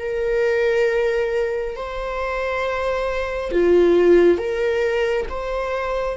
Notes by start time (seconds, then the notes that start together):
0.00 A#4
1.76 C5
3.52 F4
4.38 A#4
5.30 C5